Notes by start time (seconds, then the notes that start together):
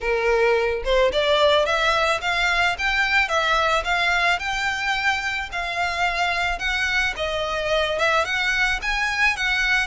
0.00 A#4
0.84 C5
1.12 D5
1.65 E5
2.21 F5
2.78 G5
3.28 E5
3.84 F5
4.39 G5
5.51 F5
6.59 F#5
7.16 D#5
7.98 E5
8.24 F#5
8.81 G#5
9.36 F#5